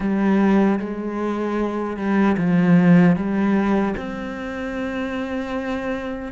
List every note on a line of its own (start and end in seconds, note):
0.00 0.79 G3
0.79 1.97 G#3
1.97 2.36 G3
2.37 3.15 F3
3.15 3.94 G3
3.97 6.32 C4